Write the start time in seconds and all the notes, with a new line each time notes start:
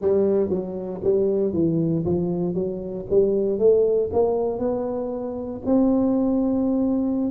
0.01 G3
0.49 F#3
1.03 G3
1.53 E3
2.05 F3
2.54 F#3
3.10 G3
3.59 A3
4.12 A#3
4.59 B3
5.65 C4